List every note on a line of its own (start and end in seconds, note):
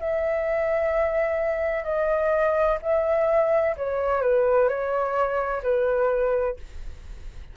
0.00 1.85 E5
1.85 2.78 D#5
2.82 3.76 E5
3.77 4.22 C#5
4.22 4.69 B4
4.69 5.62 C#5
5.63 6.57 B4